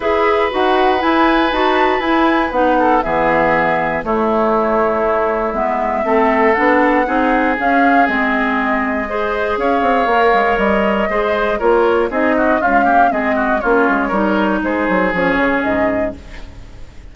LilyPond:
<<
  \new Staff \with { instrumentName = "flute" } { \time 4/4 \tempo 4 = 119 e''4 fis''4 gis''4 a''4 | gis''4 fis''4 e''2 | cis''2. e''4~ | e''4 fis''2 f''4 |
dis''2. f''4~ | f''4 dis''2 cis''4 | dis''4 f''4 dis''4 cis''4~ | cis''4 c''4 cis''4 dis''4 | }
  \new Staff \with { instrumentName = "oboe" } { \time 4/4 b'1~ | b'4. a'8 gis'2 | e'1 | a'2 gis'2~ |
gis'2 c''4 cis''4~ | cis''2 c''4 ais'4 | gis'8 fis'8 f'8 g'8 gis'8 fis'8 f'4 | ais'4 gis'2. | }
  \new Staff \with { instrumentName = "clarinet" } { \time 4/4 gis'4 fis'4 e'4 fis'4 | e'4 dis'4 b2 | a2. b4 | c'4 d'4 dis'4 cis'4 |
c'2 gis'2 | ais'2 gis'4 f'4 | dis'4 gis8 ais8 c'4 cis'4 | dis'2 cis'2 | }
  \new Staff \with { instrumentName = "bassoon" } { \time 4/4 e'4 dis'4 e'4 dis'4 | e'4 b4 e2 | a2. gis4 | a4 b4 c'4 cis'4 |
gis2. cis'8 c'8 | ais8 gis8 g4 gis4 ais4 | c'4 cis'4 gis4 ais8 gis8 | g4 gis8 fis8 f8 cis8 gis,4 | }
>>